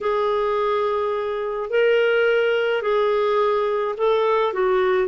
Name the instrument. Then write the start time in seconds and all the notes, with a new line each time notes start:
clarinet
0.00 G#4
1.70 A#4
2.82 G#4
3.97 A4
4.53 F#4